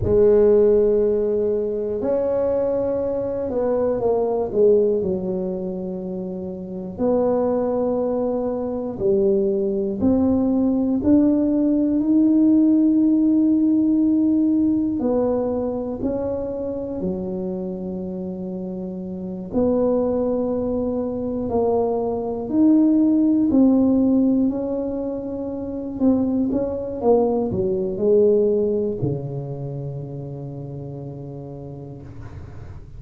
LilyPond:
\new Staff \with { instrumentName = "tuba" } { \time 4/4 \tempo 4 = 60 gis2 cis'4. b8 | ais8 gis8 fis2 b4~ | b4 g4 c'4 d'4 | dis'2. b4 |
cis'4 fis2~ fis8 b8~ | b4. ais4 dis'4 c'8~ | c'8 cis'4. c'8 cis'8 ais8 fis8 | gis4 cis2. | }